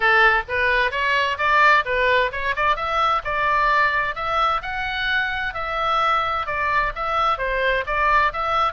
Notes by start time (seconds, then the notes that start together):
0.00 A4
0.48 B4
0.91 C#5
1.38 D5
1.85 B4
2.32 C#5
2.56 D5
2.76 E5
3.24 D5
4.15 E5
4.62 F#5
5.54 E5
6.46 D5
6.95 E5
7.38 C5
7.86 D5
8.32 E5